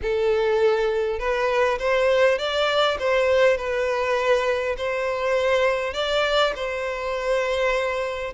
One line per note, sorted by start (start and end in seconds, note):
0.02 1.19 A4
1.19 1.78 B4
1.78 2.38 C5
2.38 2.97 D5
2.99 3.57 C5
3.57 4.76 B4
4.77 5.93 C5
5.93 6.53 D5
6.55 8.33 C5